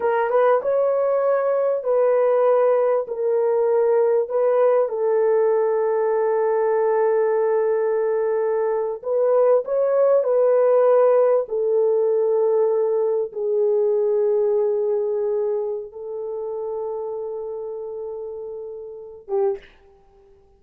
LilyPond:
\new Staff \with { instrumentName = "horn" } { \time 4/4 \tempo 4 = 98 ais'8 b'8 cis''2 b'4~ | b'4 ais'2 b'4 | a'1~ | a'2~ a'8. b'4 cis''16~ |
cis''8. b'2 a'4~ a'16~ | a'4.~ a'16 gis'2~ gis'16~ | gis'2 a'2~ | a'2.~ a'8 g'8 | }